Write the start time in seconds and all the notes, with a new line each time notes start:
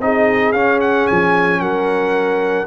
0.00 C4 D#4 G#4 D#5
0.53 C#4 F5
0.81 F#5
1.07 F3 G#5
1.61 F#3 A#4 F#5